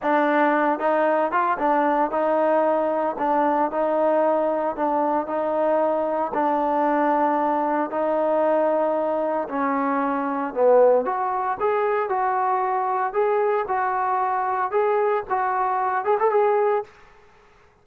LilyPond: \new Staff \with { instrumentName = "trombone" } { \time 4/4 \tempo 4 = 114 d'4. dis'4 f'8 d'4 | dis'2 d'4 dis'4~ | dis'4 d'4 dis'2 | d'2. dis'4~ |
dis'2 cis'2 | b4 fis'4 gis'4 fis'4~ | fis'4 gis'4 fis'2 | gis'4 fis'4. gis'16 a'16 gis'4 | }